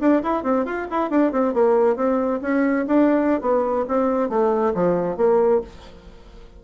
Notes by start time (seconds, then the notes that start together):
0.00 D4
0.23 E4
0.43 C4
0.65 F4
0.90 E4
1.10 D4
1.32 C4
1.54 A#3
1.96 C4
2.42 C#4
2.87 D4
3.41 B3
3.88 C4
4.29 A3
4.74 F3
5.17 A#3